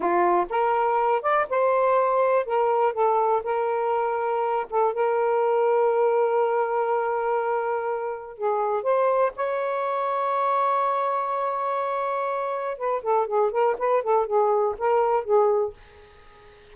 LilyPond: \new Staff \with { instrumentName = "saxophone" } { \time 4/4 \tempo 4 = 122 f'4 ais'4. d''8 c''4~ | c''4 ais'4 a'4 ais'4~ | ais'4. a'8 ais'2~ | ais'1~ |
ais'4 gis'4 c''4 cis''4~ | cis''1~ | cis''2 b'8 a'8 gis'8 ais'8 | b'8 a'8 gis'4 ais'4 gis'4 | }